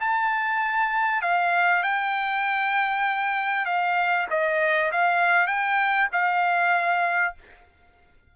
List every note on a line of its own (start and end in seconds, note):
0.00 1.22 A5
1.22 1.83 F5
1.83 3.65 G5
3.65 4.26 F5
4.30 4.91 D#5
4.91 5.47 F5
5.47 6.08 G5
6.12 7.34 F5